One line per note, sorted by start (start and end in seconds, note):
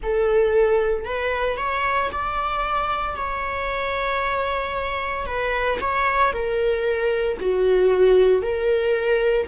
0.02 1.04 A4
1.04 1.57 B4
1.57 2.10 C#5
2.11 3.16 D5
3.16 5.25 C#5
5.25 5.78 B4
5.80 6.32 C#5
6.32 7.37 A#4
7.40 8.42 F#4
8.42 9.47 A#4